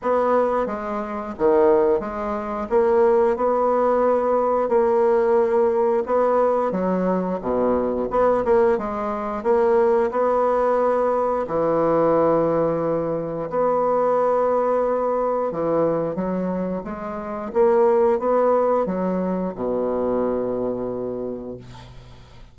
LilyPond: \new Staff \with { instrumentName = "bassoon" } { \time 4/4 \tempo 4 = 89 b4 gis4 dis4 gis4 | ais4 b2 ais4~ | ais4 b4 fis4 b,4 | b8 ais8 gis4 ais4 b4~ |
b4 e2. | b2. e4 | fis4 gis4 ais4 b4 | fis4 b,2. | }